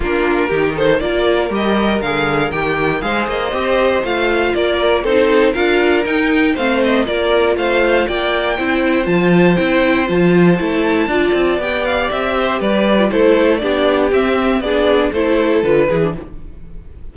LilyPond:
<<
  \new Staff \with { instrumentName = "violin" } { \time 4/4 \tempo 4 = 119 ais'4. c''8 d''4 dis''4 | f''4 g''4 f''8 dis''4. | f''4 d''4 c''4 f''4 | g''4 f''8 dis''8 d''4 f''4 |
g''2 a''4 g''4 | a''2. g''8 f''8 | e''4 d''4 c''4 d''4 | e''4 d''4 c''4 b'4 | }
  \new Staff \with { instrumentName = "violin" } { \time 4/4 f'4 g'8 a'8 ais'2~ | ais'2 c''2~ | c''4 ais'4 a'4 ais'4~ | ais'4 c''4 ais'4 c''4 |
d''4 c''2.~ | c''2 d''2~ | d''8 c''8 b'4 a'4 g'4~ | g'4 gis'4 a'4. gis'8 | }
  \new Staff \with { instrumentName = "viola" } { \time 4/4 d'4 dis'4 f'4 g'4 | gis'4 g'4 gis'4 g'4 | f'2 dis'4 f'4 | dis'4 c'4 f'2~ |
f'4 e'4 f'4 e'4 | f'4 e'4 f'4 g'4~ | g'4.~ g'16 f'16 e'4 d'4 | c'4 d'4 e'4 f'8 e'16 d'16 | }
  \new Staff \with { instrumentName = "cello" } { \time 4/4 ais4 dis4 ais4 g4 | d4 dis4 gis8 ais8 c'4 | a4 ais4 c'4 d'4 | dis'4 a4 ais4 a4 |
ais4 c'4 f4 c'4 | f4 a4 d'8 c'8 b4 | c'4 g4 a4 b4 | c'4 b4 a4 d8 e8 | }
>>